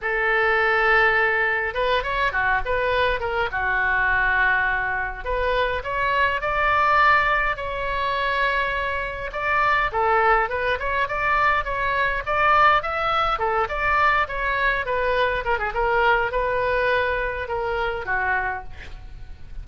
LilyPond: \new Staff \with { instrumentName = "oboe" } { \time 4/4 \tempo 4 = 103 a'2. b'8 cis''8 | fis'8 b'4 ais'8 fis'2~ | fis'4 b'4 cis''4 d''4~ | d''4 cis''2. |
d''4 a'4 b'8 cis''8 d''4 | cis''4 d''4 e''4 a'8 d''8~ | d''8 cis''4 b'4 ais'16 gis'16 ais'4 | b'2 ais'4 fis'4 | }